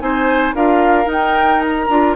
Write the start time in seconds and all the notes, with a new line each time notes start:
0.00 C4 D#4 C5 G#5
0.54 D4 F4 A#4 F5
1.05 D#4
1.12 G5
1.61 A#5
1.89 D4 F4